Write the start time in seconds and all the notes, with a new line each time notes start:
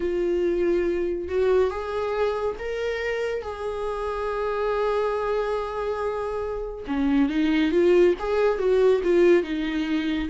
0.00 F4
1.28 F#4
1.70 G#4
2.58 A#4
3.42 G#4
6.86 C#4
7.29 D#4
7.71 F4
8.19 G#4
8.58 F#4
9.04 F4
9.43 D#4